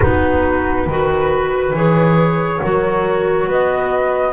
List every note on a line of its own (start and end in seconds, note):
0.00 0.86 B3
0.00 0.88 D#4
0.00 0.86 F#4
0.00 1.75 B4
0.86 1.72 D#3
0.86 1.75 F#4
0.86 2.61 B4
1.72 2.59 E3
1.72 2.62 G#4
1.72 3.49 C#5
2.61 3.47 F#3
2.61 4.32 F#4
2.61 3.47 A#4
3.47 4.32 B3
3.47 4.32 B4
3.47 4.32 D#5